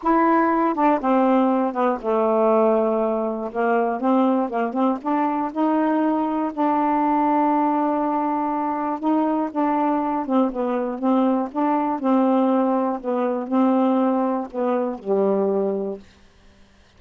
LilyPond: \new Staff \with { instrumentName = "saxophone" } { \time 4/4 \tempo 4 = 120 e'4. d'8 c'4. b8 | a2. ais4 | c'4 ais8 c'8 d'4 dis'4~ | dis'4 d'2.~ |
d'2 dis'4 d'4~ | d'8 c'8 b4 c'4 d'4 | c'2 b4 c'4~ | c'4 b4 g2 | }